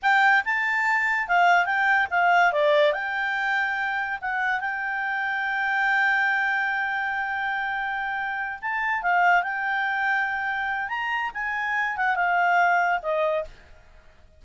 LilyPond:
\new Staff \with { instrumentName = "clarinet" } { \time 4/4 \tempo 4 = 143 g''4 a''2 f''4 | g''4 f''4 d''4 g''4~ | g''2 fis''4 g''4~ | g''1~ |
g''1~ | g''8 a''4 f''4 g''4.~ | g''2 ais''4 gis''4~ | gis''8 fis''8 f''2 dis''4 | }